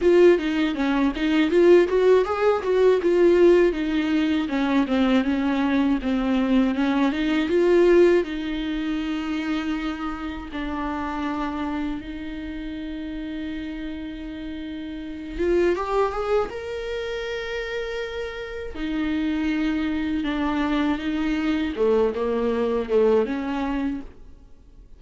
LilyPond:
\new Staff \with { instrumentName = "viola" } { \time 4/4 \tempo 4 = 80 f'8 dis'8 cis'8 dis'8 f'8 fis'8 gis'8 fis'8 | f'4 dis'4 cis'8 c'8 cis'4 | c'4 cis'8 dis'8 f'4 dis'4~ | dis'2 d'2 |
dis'1~ | dis'8 f'8 g'8 gis'8 ais'2~ | ais'4 dis'2 d'4 | dis'4 a8 ais4 a8 cis'4 | }